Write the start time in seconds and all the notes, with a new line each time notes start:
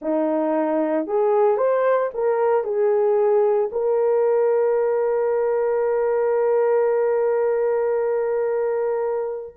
0.01 D#4
1.06 G#4
1.57 C5
2.14 A#4
2.64 G#4
3.72 A#4